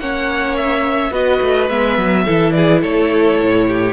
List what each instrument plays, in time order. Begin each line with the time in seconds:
0.00 cello A#3, viola C#4, violin C#5 F#5
0.57 violin E5
1.11 cello B3, viola F#4, violin B4 D#5
1.42 cello A3
1.69 cello G#3, viola B3, violin E5
1.98 cello F#3
2.25 cello E3, viola E4, violin A4
2.52 violin G#4 D5
2.82 cello A3, violin A4 C#5
3.42 cello A2
3.68 violin G4